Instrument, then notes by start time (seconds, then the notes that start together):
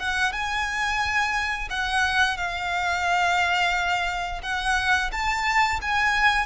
violin
0.00 F#5
0.33 G#5
1.70 F#5
2.37 F5
4.43 F#5
5.12 A5
5.82 G#5